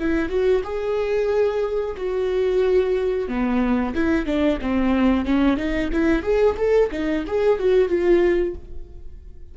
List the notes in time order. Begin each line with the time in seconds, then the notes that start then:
0.00 E4
0.29 F#4
0.64 G#4
1.97 F#4
3.29 B3
3.95 E4
4.26 D4
4.62 C4
5.26 C#4
5.57 D#4
5.93 E4
6.23 G#4
6.57 A4
6.92 D#4
7.27 G#4
7.59 F#4
7.89 F4